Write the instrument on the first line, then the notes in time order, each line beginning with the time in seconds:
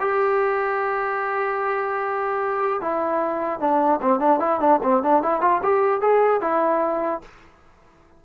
trombone
0.00 G4
2.81 E4
3.60 D4
4.01 C4
4.20 D4
4.40 E4
4.60 D4
4.82 C4
5.03 D4
5.22 E4
5.41 F4
5.62 G4
6.01 G#4
6.41 E4